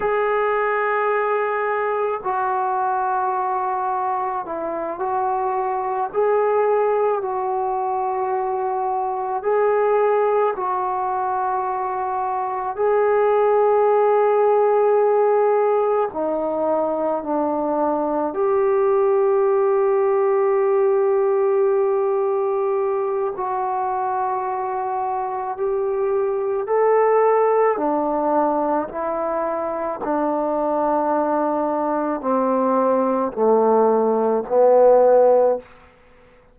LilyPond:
\new Staff \with { instrumentName = "trombone" } { \time 4/4 \tempo 4 = 54 gis'2 fis'2 | e'8 fis'4 gis'4 fis'4.~ | fis'8 gis'4 fis'2 gis'8~ | gis'2~ gis'8 dis'4 d'8~ |
d'8 g'2.~ g'8~ | g'4 fis'2 g'4 | a'4 d'4 e'4 d'4~ | d'4 c'4 a4 b4 | }